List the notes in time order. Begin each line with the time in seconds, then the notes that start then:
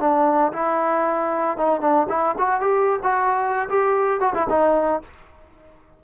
0.00 D4
0.53 E4
1.58 D#4
1.81 D4
2.10 E4
2.39 F#4
2.61 G4
3.03 F#4
3.69 G4
4.21 F#4
4.35 E4
4.50 D#4